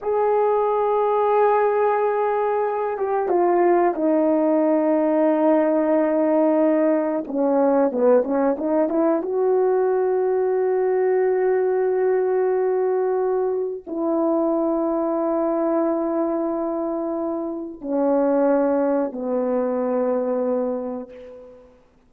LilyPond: \new Staff \with { instrumentName = "horn" } { \time 4/4 \tempo 4 = 91 gis'1~ | gis'8 g'8 f'4 dis'2~ | dis'2. cis'4 | b8 cis'8 dis'8 e'8 fis'2~ |
fis'1~ | fis'4 e'2.~ | e'2. cis'4~ | cis'4 b2. | }